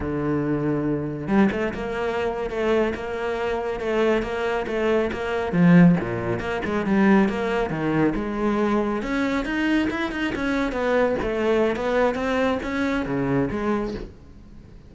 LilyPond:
\new Staff \with { instrumentName = "cello" } { \time 4/4 \tempo 4 = 138 d2. g8 a8 | ais4.~ ais16 a4 ais4~ ais16~ | ais8. a4 ais4 a4 ais16~ | ais8. f4 ais,4 ais8 gis8 g16~ |
g8. ais4 dis4 gis4~ gis16~ | gis8. cis'4 dis'4 e'8 dis'8 cis'16~ | cis'8. b4 a4~ a16 b4 | c'4 cis'4 cis4 gis4 | }